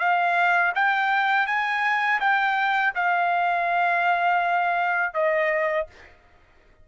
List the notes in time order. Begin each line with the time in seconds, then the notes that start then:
0.00 F5
0.75 G5
1.47 G#5
2.21 G5
2.95 F5
5.15 D#5